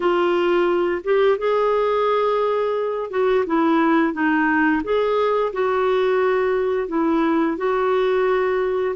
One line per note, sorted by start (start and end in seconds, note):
0.00 1.02 F4
1.04 1.38 G4
1.38 3.10 G#4
3.10 3.45 F#4
3.46 4.13 E4
4.13 4.82 D#4
4.83 5.52 G#4
5.53 6.88 F#4
6.88 7.57 E4
7.57 8.95 F#4